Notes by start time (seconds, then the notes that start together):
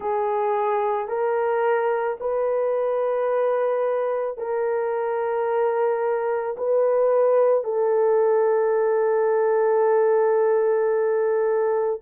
0.00 G#4
1.08 A#4
2.20 B4
4.37 A#4
6.57 B4
7.64 A4